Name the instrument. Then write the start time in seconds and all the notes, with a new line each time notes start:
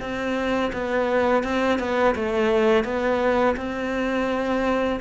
cello
0.00 C4
0.72 B3
1.43 C4
1.79 B3
2.15 A3
2.84 B3
3.56 C4